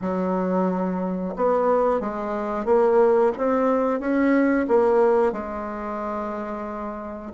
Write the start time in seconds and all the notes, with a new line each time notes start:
0.01 F#3
1.36 B3
2.00 G#3
2.65 A#3
3.37 C4
3.99 C#4
4.68 A#3
5.32 G#3